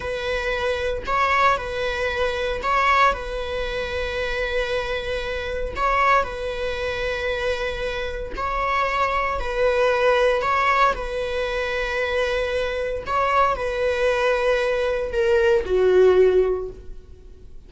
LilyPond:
\new Staff \with { instrumentName = "viola" } { \time 4/4 \tempo 4 = 115 b'2 cis''4 b'4~ | b'4 cis''4 b'2~ | b'2. cis''4 | b'1 |
cis''2 b'2 | cis''4 b'2.~ | b'4 cis''4 b'2~ | b'4 ais'4 fis'2 | }